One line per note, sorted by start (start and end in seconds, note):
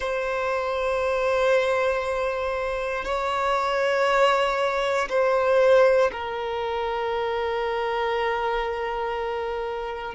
0.00 3.05 C5
3.05 5.08 C#5
5.08 6.10 C5
6.12 10.14 A#4